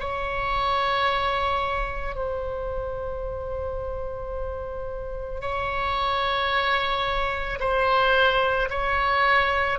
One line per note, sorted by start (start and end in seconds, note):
0.00 2.16 C#5
2.16 5.41 C5
5.41 7.60 C#5
7.61 8.70 C5
8.70 9.79 C#5